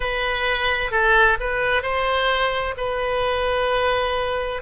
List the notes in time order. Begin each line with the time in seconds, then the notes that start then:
0.00 B4
0.91 A4
1.39 B4
1.82 C5
2.77 B4